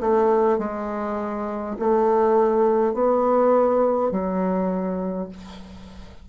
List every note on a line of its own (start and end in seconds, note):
0.00 0.58 A3
0.58 1.76 G#3
1.79 2.94 A3
2.94 4.11 B3
4.11 5.29 F#3